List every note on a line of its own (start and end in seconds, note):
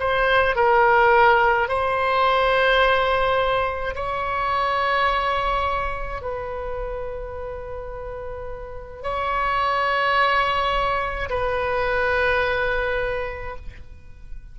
0.00 0.56 C5
0.56 1.69 A#4
1.69 3.95 C5
3.96 6.22 C#5
6.22 9.03 B4
9.03 11.30 C#5
11.30 13.56 B4